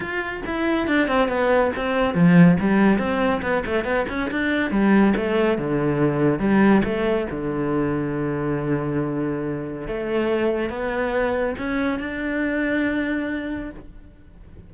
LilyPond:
\new Staff \with { instrumentName = "cello" } { \time 4/4 \tempo 4 = 140 f'4 e'4 d'8 c'8 b4 | c'4 f4 g4 c'4 | b8 a8 b8 cis'8 d'4 g4 | a4 d2 g4 |
a4 d2.~ | d2. a4~ | a4 b2 cis'4 | d'1 | }